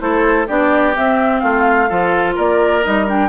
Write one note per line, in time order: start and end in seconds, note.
0.00 0.48 A3
0.00 0.47 E4
0.00 0.47 A4
0.00 0.48 C5
0.47 0.97 B3
0.47 0.95 D4
0.47 1.42 G4
0.47 0.96 D5
0.95 1.89 C4
0.95 1.43 C4
0.95 1.39 E5
1.39 1.90 A3
1.39 1.89 F4
1.39 2.34 F5
1.89 2.38 F3
1.89 2.83 F4
1.89 2.35 A4
2.35 2.85 A#3
2.35 3.29 A#4
2.35 2.84 D5
2.83 3.29 G3
2.83 3.07 D#4
2.83 3.08 D#5
3.07 3.29 D4
3.07 3.29 G5